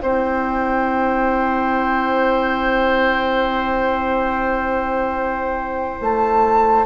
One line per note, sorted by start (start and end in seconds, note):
0.00 6.01 C4
0.00 6.86 E4
0.00 6.87 C5
0.00 6.01 G5
6.01 6.87 A3
6.01 6.87 A5